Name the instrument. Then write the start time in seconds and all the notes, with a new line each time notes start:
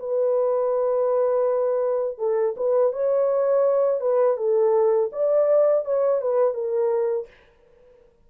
horn
0.00 B4
2.19 A4
2.57 B4
2.93 C#5
4.01 B4
4.37 A4
5.13 D5
5.85 C#5
6.22 B4
6.55 A#4